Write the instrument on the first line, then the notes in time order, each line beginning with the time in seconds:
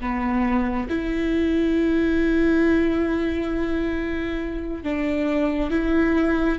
viola
0.00 B3
0.89 E4
4.83 D4
5.71 E4